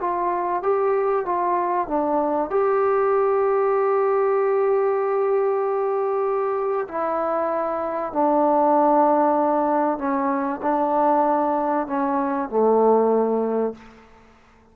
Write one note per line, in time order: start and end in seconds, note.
0.00 0.62 F4
0.63 1.25 G4
1.25 1.88 F4
1.88 2.50 D4
2.50 6.88 G4
6.88 8.12 E4
8.12 9.98 D4
9.98 10.61 C#4
10.62 11.87 D4
11.87 12.49 C#4
12.49 13.74 A3